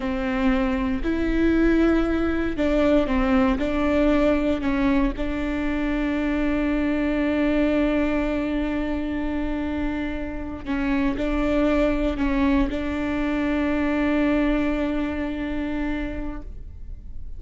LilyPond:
\new Staff \with { instrumentName = "viola" } { \time 4/4 \tempo 4 = 117 c'2 e'2~ | e'4 d'4 c'4 d'4~ | d'4 cis'4 d'2~ | d'1~ |
d'1~ | d'8. cis'4 d'2 cis'16~ | cis'8. d'2.~ d'16~ | d'1 | }